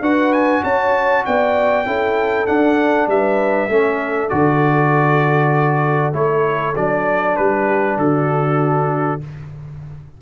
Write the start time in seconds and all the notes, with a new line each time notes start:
0.00 D4 F#4 B4 F#5
0.32 G#5
0.63 C#4 C#5 A5
1.25 B3 D5 G5
1.85 C#4 E4 A4
2.46 D4 F#5
3.07 G3 B4 E5
3.68 A3 C#4 A4
4.28 D3 F#4 D5
6.13 A3 E4 C#5
6.75 F#3 D4 D5
7.36 G3 B4
7.65 G4
7.96 D3 F#4 A4